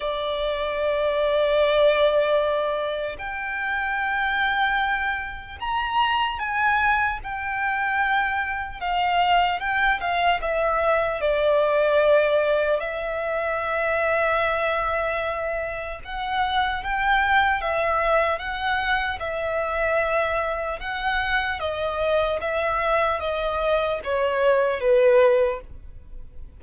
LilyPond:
\new Staff \with { instrumentName = "violin" } { \time 4/4 \tempo 4 = 75 d''1 | g''2. ais''4 | gis''4 g''2 f''4 | g''8 f''8 e''4 d''2 |
e''1 | fis''4 g''4 e''4 fis''4 | e''2 fis''4 dis''4 | e''4 dis''4 cis''4 b'4 | }